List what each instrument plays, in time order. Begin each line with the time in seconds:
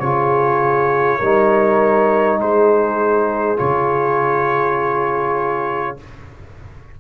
0.00 tuba C#3, trombone F4, horn G#4, trumpet C#5
1.19 tuba G3, trombone D#4, horn A#4
2.39 tuba G#3, horn G#4, trumpet C5
3.57 tuba C#3, trombone F4, trumpet C#5